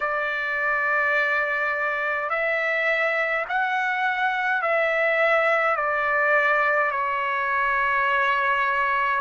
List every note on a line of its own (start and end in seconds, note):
0.00 2.29 D5
2.29 3.45 E5
3.49 4.62 F#5
4.62 5.75 E5
5.75 6.91 D5
6.91 9.20 C#5